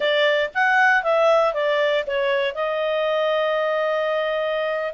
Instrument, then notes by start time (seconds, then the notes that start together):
clarinet
0.00 D5
0.54 F#5
1.03 E5
1.53 D5
2.06 C#5
2.54 D#5